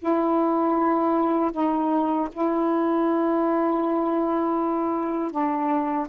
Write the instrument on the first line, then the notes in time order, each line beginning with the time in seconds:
saxophone
0.00 E4
1.53 D#4
2.33 E4
5.32 D4